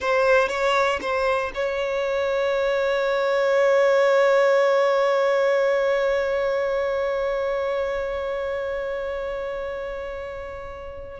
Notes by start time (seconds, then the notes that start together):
0.00 C5
0.48 C#5
1.01 C5
1.54 C#5